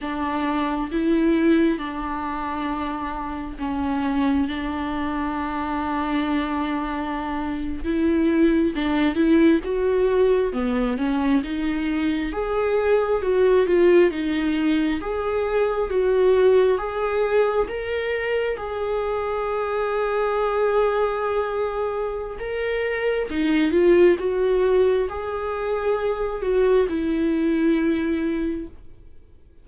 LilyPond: \new Staff \with { instrumentName = "viola" } { \time 4/4 \tempo 4 = 67 d'4 e'4 d'2 | cis'4 d'2.~ | d'8. e'4 d'8 e'8 fis'4 b16~ | b16 cis'8 dis'4 gis'4 fis'8 f'8 dis'16~ |
dis'8. gis'4 fis'4 gis'4 ais'16~ | ais'8. gis'2.~ gis'16~ | gis'4 ais'4 dis'8 f'8 fis'4 | gis'4. fis'8 e'2 | }